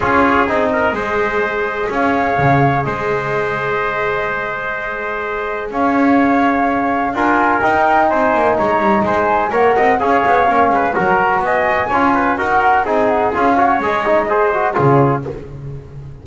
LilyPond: <<
  \new Staff \with { instrumentName = "flute" } { \time 4/4 \tempo 4 = 126 cis''4 dis''2. | f''2 dis''2~ | dis''1 | f''2. gis''4 |
g''4 gis''4 ais''4 gis''4 | fis''4 f''2 ais''4 | gis''2 fis''4 gis''8 fis''8 | f''4 dis''2 cis''4 | }
  \new Staff \with { instrumentName = "trumpet" } { \time 4/4 gis'4. ais'8 c''2 | cis''2 c''2~ | c''1 | cis''2. ais'4~ |
ais'4 c''4 cis''4 c''4 | cis''8 dis''8 cis''4. b'8 ais'4 | dis''4 cis''8 b'8 ais'4 gis'4~ | gis'8 cis''4. c''4 gis'4 | }
  \new Staff \with { instrumentName = "trombone" } { \time 4/4 f'4 dis'4 gis'2~ | gis'1~ | gis'1~ | gis'2. f'4 |
dis'1 | ais'4 gis'4 cis'4 fis'4~ | fis'4 f'4 fis'4 dis'4 | f'8 fis'8 gis'8 dis'8 gis'8 fis'8 f'4 | }
  \new Staff \with { instrumentName = "double bass" } { \time 4/4 cis'4 c'4 gis2 | cis'4 cis4 gis2~ | gis1 | cis'2. d'4 |
dis'4 c'8 ais8 gis8 g8 gis4 | ais8 c'8 cis'8 b8 ais8 gis8 fis4 | b4 cis'4 dis'4 c'4 | cis'4 gis2 cis4 | }
>>